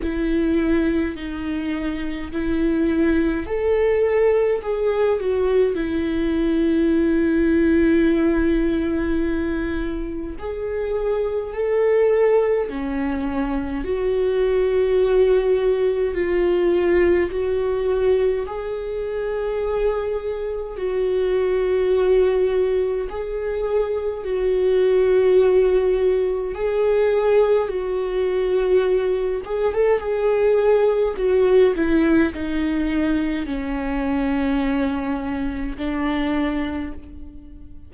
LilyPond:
\new Staff \with { instrumentName = "viola" } { \time 4/4 \tempo 4 = 52 e'4 dis'4 e'4 a'4 | gis'8 fis'8 e'2.~ | e'4 gis'4 a'4 cis'4 | fis'2 f'4 fis'4 |
gis'2 fis'2 | gis'4 fis'2 gis'4 | fis'4. gis'16 a'16 gis'4 fis'8 e'8 | dis'4 cis'2 d'4 | }